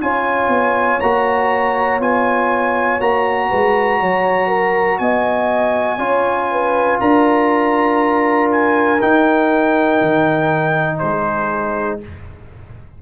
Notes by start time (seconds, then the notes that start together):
0.00 C#4 F4 C#5 G#5
0.48 B3
1.00 A#3 F#4 A#5
2.00 B3 F4 G#5
3.00 A#3 F#4 A#5
3.49 G#3 B4
3.99 F#3 C#5
4.47 A#4
4.98 B3 D#5 G#5
5.98 C#4 F4 C#5
6.51 B4
7.00 D4 A#4 A#5
8.51 G#5
9.01 D#4 G5
10.01 D#3
10.98 G#3 G#4 C5